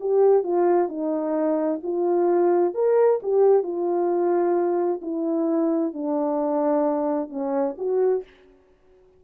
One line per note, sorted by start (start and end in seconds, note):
0.00 0.43 G4
0.43 0.88 F4
0.88 1.80 D#4
1.83 2.74 F4
2.74 3.20 A#4
3.22 3.63 G4
3.63 5.00 F4
5.01 5.93 E4
5.93 7.29 D4
7.29 7.75 C#4
7.78 8.23 F#4